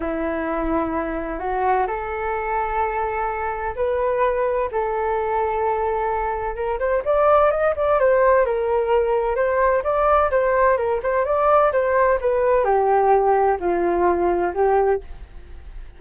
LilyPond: \new Staff \with { instrumentName = "flute" } { \time 4/4 \tempo 4 = 128 e'2. fis'4 | a'1 | b'2 a'2~ | a'2 ais'8 c''8 d''4 |
dis''8 d''8 c''4 ais'2 | c''4 d''4 c''4 ais'8 c''8 | d''4 c''4 b'4 g'4~ | g'4 f'2 g'4 | }